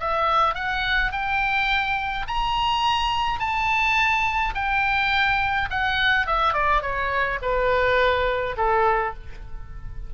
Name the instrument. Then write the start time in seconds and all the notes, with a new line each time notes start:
oboe
0.00 E5
0.55 F#5
1.12 G5
2.27 A#5
3.39 A5
4.55 G5
5.70 F#5
6.26 E5
6.53 D5
6.82 C#5
7.42 B4
8.57 A4